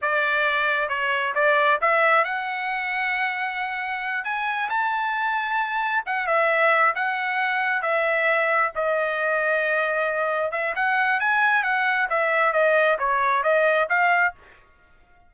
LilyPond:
\new Staff \with { instrumentName = "trumpet" } { \time 4/4 \tempo 4 = 134 d''2 cis''4 d''4 | e''4 fis''2.~ | fis''4. gis''4 a''4.~ | a''4. fis''8 e''4. fis''8~ |
fis''4. e''2 dis''8~ | dis''2.~ dis''8 e''8 | fis''4 gis''4 fis''4 e''4 | dis''4 cis''4 dis''4 f''4 | }